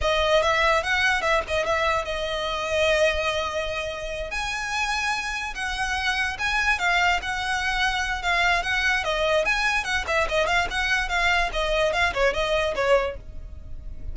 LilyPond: \new Staff \with { instrumentName = "violin" } { \time 4/4 \tempo 4 = 146 dis''4 e''4 fis''4 e''8 dis''8 | e''4 dis''2.~ | dis''2~ dis''8 gis''4.~ | gis''4. fis''2 gis''8~ |
gis''8 f''4 fis''2~ fis''8 | f''4 fis''4 dis''4 gis''4 | fis''8 e''8 dis''8 f''8 fis''4 f''4 | dis''4 f''8 cis''8 dis''4 cis''4 | }